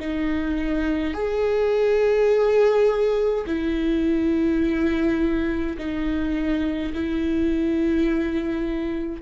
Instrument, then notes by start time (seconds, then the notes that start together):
viola
0.00 D#4
1.14 G#4
3.47 E4
5.78 D#4
6.94 E4